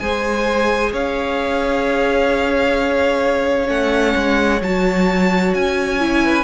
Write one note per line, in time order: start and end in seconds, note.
0.00 0.93 G#3
0.00 3.66 G#4
0.00 0.93 C5
0.00 0.92 G#5
0.93 3.69 C#4
0.93 6.23 C#5
0.93 3.70 F5
3.66 4.15 A3
3.66 4.58 C#4
3.66 4.62 F#5
4.16 4.62 G#3
4.62 5.54 F#3
4.62 6.01 F#4
4.62 5.54 A5
5.54 6.44 C#4
5.54 6.44 G#5
6.01 6.44 E4
6.24 6.44 B4